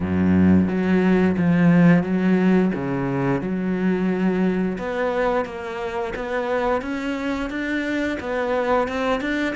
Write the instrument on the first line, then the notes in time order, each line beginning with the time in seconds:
cello
0.00 F#2
0.68 F#3
1.37 F3
2.03 F#3
2.74 C#3
3.41 F#3
4.78 B3
5.45 A#3
6.15 B3
6.82 C#4
7.50 D4
8.19 B3
8.88 C4
9.20 D4